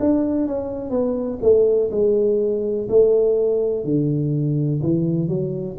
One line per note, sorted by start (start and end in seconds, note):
0.00 0.47 D4
0.47 0.90 C#4
0.90 1.39 B3
1.42 1.90 A3
1.91 2.88 G#3
2.89 3.84 A3
3.84 4.81 D3
4.83 5.28 E3
5.28 5.77 F#3